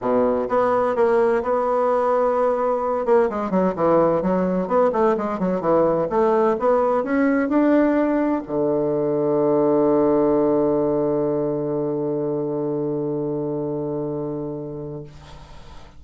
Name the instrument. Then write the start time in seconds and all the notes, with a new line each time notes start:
bassoon
0.01 B2
0.48 B3
0.95 A#3
1.42 B3
3.05 A#3
3.29 G#3
3.50 F#3
3.75 E3
4.22 F#3
4.67 B3
4.92 A3
5.17 G#3
5.39 F#3
5.60 E3
6.09 A3
6.59 B3
7.03 C#4
7.48 D4
8.47 D3